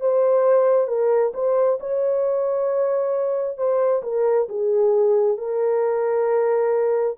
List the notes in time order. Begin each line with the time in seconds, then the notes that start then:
0.00 C5
0.88 A#4
1.34 C5
1.80 C#5
3.57 C5
4.03 A#4
4.49 G#4
5.37 A#4